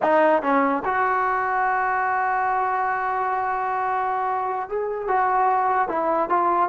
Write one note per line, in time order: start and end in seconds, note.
0.02 0.42 D#4
0.42 0.83 C#4
0.84 4.68 F#4
4.68 5.07 G#4
5.07 5.88 F#4
5.88 6.29 E4
6.29 6.69 F4